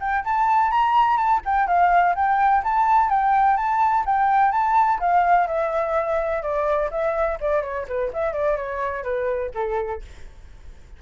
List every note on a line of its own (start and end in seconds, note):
0.00 0.24 G5
0.24 0.71 A5
0.71 1.17 A#5
1.17 1.41 A5
1.45 1.67 G5
1.67 2.15 F5
2.15 2.63 G5
2.63 3.10 A5
3.10 3.57 G5
3.57 4.04 A5
4.05 4.52 G5
4.52 4.99 A5
4.99 5.47 F5
5.47 6.42 E5
6.42 6.90 D5
6.90 7.38 E5
7.40 7.62 D5
7.62 7.86 C#5
7.88 8.11 B4
8.13 8.33 E5
8.33 8.56 D5
8.56 9.03 C#5
9.03 9.51 B4
9.54 10.02 A4